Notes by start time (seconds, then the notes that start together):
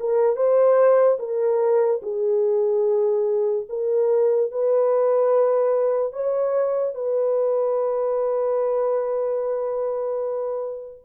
0.00 A#4
0.36 C5
1.19 A#4
2.02 G#4
3.69 A#4
4.52 B4
6.13 C#5
6.95 B4